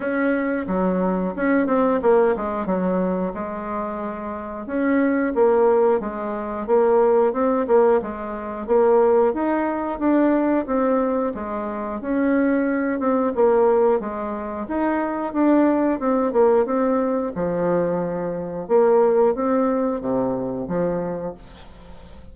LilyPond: \new Staff \with { instrumentName = "bassoon" } { \time 4/4 \tempo 4 = 90 cis'4 fis4 cis'8 c'8 ais8 gis8 | fis4 gis2 cis'4 | ais4 gis4 ais4 c'8 ais8 | gis4 ais4 dis'4 d'4 |
c'4 gis4 cis'4. c'8 | ais4 gis4 dis'4 d'4 | c'8 ais8 c'4 f2 | ais4 c'4 c4 f4 | }